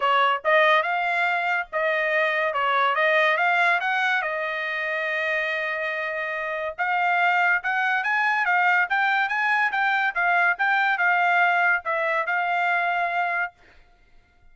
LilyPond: \new Staff \with { instrumentName = "trumpet" } { \time 4/4 \tempo 4 = 142 cis''4 dis''4 f''2 | dis''2 cis''4 dis''4 | f''4 fis''4 dis''2~ | dis''1 |
f''2 fis''4 gis''4 | f''4 g''4 gis''4 g''4 | f''4 g''4 f''2 | e''4 f''2. | }